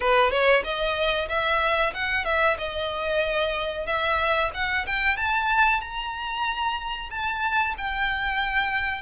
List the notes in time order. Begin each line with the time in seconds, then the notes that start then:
0.00 B4
0.30 C#5
0.63 D#5
1.28 E5
1.94 F#5
2.25 E5
2.58 D#5
3.86 E5
4.53 F#5
4.86 G5
5.16 A5
5.80 A#5
7.10 A5
7.77 G5